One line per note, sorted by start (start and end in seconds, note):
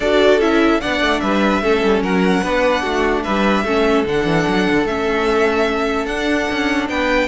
0.00 0.39 D4
0.00 0.40 F#4
0.00 0.80 A4
0.00 0.40 D5
0.39 0.79 C#4
0.39 0.81 E4
0.39 0.80 E5
0.80 1.01 B3
0.80 1.62 D4
0.80 1.21 D5
0.80 1.19 F#5
1.01 1.21 A3
1.19 1.62 G3
1.19 1.62 B4
1.19 2.01 E5
1.62 1.82 A3
1.62 2.43 C#4
1.62 2.03 A4
1.83 2.01 G3
2.01 2.42 F#3
2.01 2.43 A#4
2.01 3.23 F#5
2.43 2.83 B3
2.43 3.65 D4
2.43 2.82 B4
2.82 3.24 A3
2.82 3.23 F#4
3.23 3.63 G3
3.23 3.64 B4
3.23 4.04 E5
3.63 4.04 A3
3.63 4.05 C#4
3.63 6.90 A4
4.05 4.25 D3
4.05 4.86 D4
4.05 4.86 F#5
4.25 4.45 E3
4.48 4.68 F#3
4.70 4.84 D3
4.84 6.05 A3
4.84 6.08 C#4
4.84 6.06 E5
6.05 6.46 D4
6.05 7.27 D4
6.05 6.87 F#5
6.50 6.89 C#4
6.89 7.27 B3
6.89 7.27 B4
6.89 7.27 G5